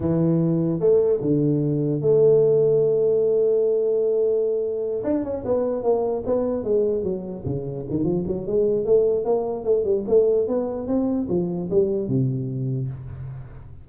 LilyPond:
\new Staff \with { instrumentName = "tuba" } { \time 4/4 \tempo 4 = 149 e2 a4 d4~ | d4 a2.~ | a1~ | a8 d'8 cis'8 b4 ais4 b8~ |
b8 gis4 fis4 cis4 dis8 | f8 fis8 gis4 a4 ais4 | a8 g8 a4 b4 c'4 | f4 g4 c2 | }